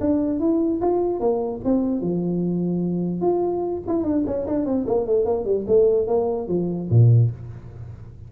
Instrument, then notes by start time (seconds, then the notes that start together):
tuba
0.00 D4
0.39 E4
0.81 F4
1.20 A#3
1.64 C4
2.01 F3
3.21 F4
3.88 E4
4.04 D4
4.26 C#4
4.47 D4
4.65 C4
4.86 A#3
5.06 A3
5.25 A#3
5.45 G3
5.67 A3
6.07 A#3
6.48 F3
6.90 A#2